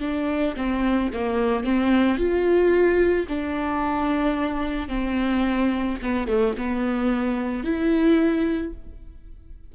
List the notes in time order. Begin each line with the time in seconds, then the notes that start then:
0.00 D4
0.56 C4
1.13 A#3
1.64 C4
2.17 F4
3.28 D4
4.88 C4
6.02 B3
6.28 A3
6.58 B3
7.64 E4